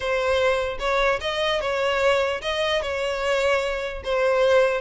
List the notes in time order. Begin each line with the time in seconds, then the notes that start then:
0.00 C5
0.79 C#5
1.20 D#5
1.60 C#5
2.41 D#5
2.82 C#5
4.04 C5